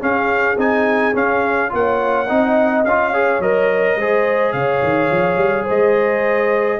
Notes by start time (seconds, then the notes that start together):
0.00 C#4 G#4 F5
0.57 C4 D#4 G#5
1.14 C#4 F5
1.69 A#3 F4 F#5
1.76 C#5
2.27 C4 D#4 D#5
2.84 C#4 F4 F5
3.12 G#4 C#5
3.39 F#3 A#4 D#5
3.96 G#3 G#4 C5
4.52 C#3 C#5 F5
4.83 D#3
5.10 F3
5.36 G3
5.64 G#3 C5 D#5